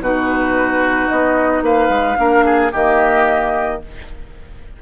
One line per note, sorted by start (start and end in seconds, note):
0.00 1.08 B2
0.00 2.17 D#4
0.00 1.64 F#4
0.00 1.08 B4
1.08 1.61 B3
1.08 1.62 D#5
1.61 1.88 A#3
1.61 2.18 B4
1.61 2.73 F5
1.89 2.16 G#3
2.17 2.73 A#3
2.17 2.71 D4
2.17 2.45 A#4
2.45 2.72 G#4
2.72 3.82 D#3
2.72 3.81 A#3
2.72 3.80 G4
2.72 3.81 D#5